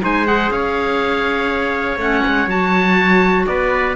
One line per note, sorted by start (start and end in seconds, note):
0.00 0.50 G#3
0.00 0.25 D#4
0.00 0.52 C5
0.00 0.26 G#5
0.25 1.97 G#4
0.25 0.51 F#5
0.50 1.96 C#4
0.50 3.47 C#5
0.50 1.99 F5
1.96 2.21 A3
1.96 2.48 C#4
1.96 2.49 F#5
2.27 2.46 G#3
2.46 3.45 F#3
2.46 3.95 F#4
2.46 3.47 A5
3.47 3.96 B3
3.47 3.96 B4
3.47 3.96 D5